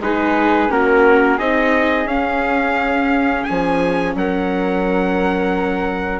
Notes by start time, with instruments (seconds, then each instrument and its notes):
0.00 bassoon G#3, viola D#4, flute G#4, trumpet B4
0.69 bassoon A#3, viola C#4, flute F#4, trumpet A#4
1.37 bassoon C4, viola D#4, flute G#4, trumpet D#5
2.06 bassoon C#4, viola C#4, trumpet F5
3.44 bassoon F3, trumpet G#5
4.15 bassoon F#3, flute A#4, trumpet F#5